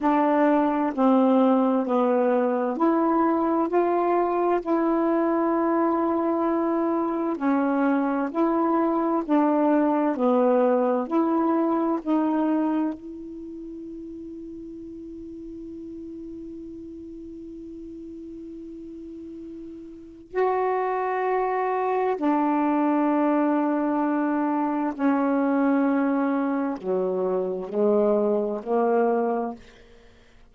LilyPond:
\new Staff \with { instrumentName = "saxophone" } { \time 4/4 \tempo 4 = 65 d'4 c'4 b4 e'4 | f'4 e'2. | cis'4 e'4 d'4 b4 | e'4 dis'4 e'2~ |
e'1~ | e'2 fis'2 | d'2. cis'4~ | cis'4 fis4 gis4 ais4 | }